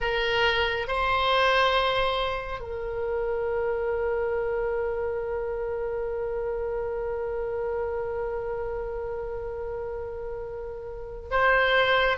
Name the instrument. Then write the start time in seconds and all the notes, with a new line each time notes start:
oboe
0.00 A#4
0.87 C5
2.60 A#4
11.30 C5